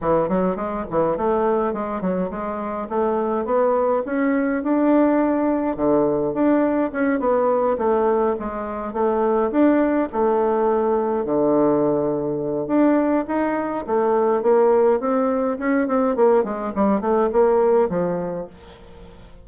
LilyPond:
\new Staff \with { instrumentName = "bassoon" } { \time 4/4 \tempo 4 = 104 e8 fis8 gis8 e8 a4 gis8 fis8 | gis4 a4 b4 cis'4 | d'2 d4 d'4 | cis'8 b4 a4 gis4 a8~ |
a8 d'4 a2 d8~ | d2 d'4 dis'4 | a4 ais4 c'4 cis'8 c'8 | ais8 gis8 g8 a8 ais4 f4 | }